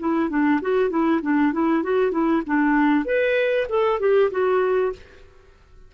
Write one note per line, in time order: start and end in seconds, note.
0.00 0.30 E4
0.30 0.61 D4
0.62 0.90 F#4
0.90 1.21 E4
1.22 1.53 D4
1.53 1.84 E4
1.84 2.12 F#4
2.12 2.43 E4
2.47 3.06 D4
3.06 3.67 B4
3.69 4.00 A4
4.00 4.31 G4
4.31 4.93 F#4